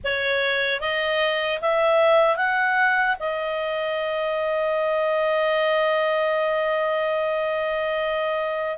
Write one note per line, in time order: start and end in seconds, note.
0.04 0.80 C#5
0.80 1.60 D#5
1.61 2.36 E5
2.36 3.16 F#5
3.19 8.78 D#5